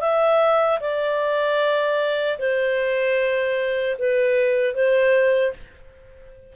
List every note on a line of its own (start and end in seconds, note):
0.00 0.79 E5
0.80 2.38 D5
2.38 3.96 C5
3.98 4.74 B4
4.74 5.53 C5